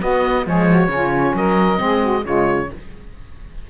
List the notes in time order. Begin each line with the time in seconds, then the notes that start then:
0.00 B3 F#4 D#5
0.44 F3 G#3 G#4 C#5
0.67 F#4
0.87 C#3 C#4 F4
1.34 F#3 A#4 D#5
1.77 G#3 C4 G#4
2.00 F#4
2.23 C#3 G#3 F4 C#5